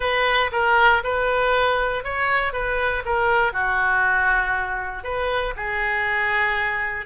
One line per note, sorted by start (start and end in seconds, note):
0.00 0.50 B4
0.52 1.02 A#4
1.03 2.04 B4
2.04 2.52 C#5
2.52 3.03 B4
3.05 3.52 A#4
3.52 5.03 F#4
5.03 5.53 B4
5.56 7.06 G#4